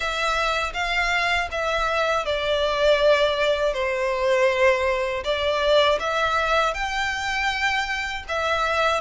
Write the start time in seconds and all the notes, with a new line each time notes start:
0.00 E5
0.73 F5
1.51 E5
2.25 D5
3.73 C5
5.23 D5
5.99 E5
6.74 G5
8.28 E5